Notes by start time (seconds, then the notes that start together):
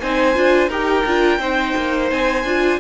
0.00 C4 D#4 C5 G#5
0.34 D4 F4
0.69 D#4 G4 A#4 G5
1.05 D4 F4
1.38 C4 D#4 C5
1.76 A#3
2.10 C4 G#5
2.44 D4 F4